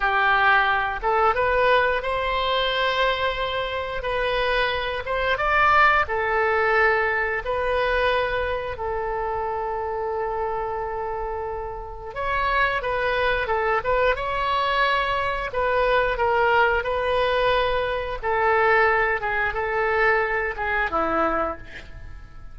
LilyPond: \new Staff \with { instrumentName = "oboe" } { \time 4/4 \tempo 4 = 89 g'4. a'8 b'4 c''4~ | c''2 b'4. c''8 | d''4 a'2 b'4~ | b'4 a'2.~ |
a'2 cis''4 b'4 | a'8 b'8 cis''2 b'4 | ais'4 b'2 a'4~ | a'8 gis'8 a'4. gis'8 e'4 | }